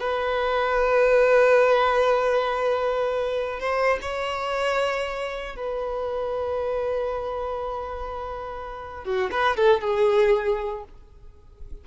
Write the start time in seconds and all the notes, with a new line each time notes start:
0.00 B4
3.60 C5
4.02 C#5
5.56 B4
9.04 F#4
9.31 B4
9.56 A4
9.81 G#4